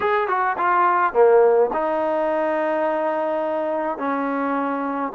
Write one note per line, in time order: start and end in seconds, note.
0.00 0.28 G#4
0.28 0.56 F#4
0.57 1.13 F4
1.13 1.70 A#3
1.73 3.98 D#4
3.98 5.12 C#4